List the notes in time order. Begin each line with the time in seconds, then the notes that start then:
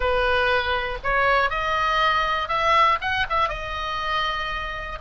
0.00 B4
1.03 C#5
1.50 D#5
2.48 E5
3.01 F#5
3.29 E5
3.49 D#5